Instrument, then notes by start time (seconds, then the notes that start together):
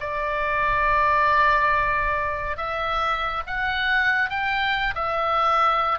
oboe
0.00 D5
2.57 E5
3.46 F#5
4.30 G5
4.95 E5